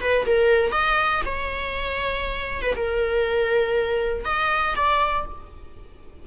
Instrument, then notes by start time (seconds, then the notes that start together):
viola
0.00 B4
0.25 A#4
0.72 D#5
1.25 C#5
2.61 B4
2.75 A#4
4.25 D#5
4.75 D5